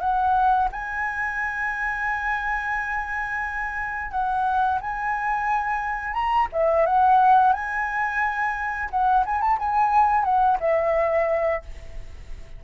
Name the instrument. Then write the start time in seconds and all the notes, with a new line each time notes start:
flute
0.00 F#5
0.72 G#5
4.11 F#5
4.81 G#5
6.14 A#5
6.52 E5
6.86 F#5
7.53 G#5
8.90 F#5
9.26 G#5
9.41 A5
9.59 G#5
10.24 F#5
10.60 E5